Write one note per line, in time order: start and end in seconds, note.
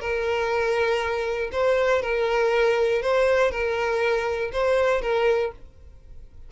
0.00 1.50 A#4
1.52 2.01 C5
2.01 3.01 A#4
3.01 3.51 C5
3.51 4.51 A#4
4.52 5.01 C5
5.01 5.51 A#4